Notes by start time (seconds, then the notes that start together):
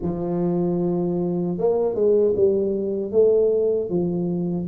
0.02 F3
1.58 A#3
1.94 G#3
2.36 G3
3.11 A3
3.89 F3